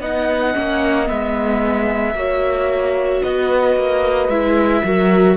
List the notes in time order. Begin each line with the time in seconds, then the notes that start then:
0.00 B3 D#4 D#5 F#5
0.53 A#3 C#4
1.06 G#3 B3 E5
2.14 A#3 F#4 C#5
3.22 B3 B4 D#5
3.76 A#3
4.28 G#3 E4 E5
4.83 F#3 F#4 A#4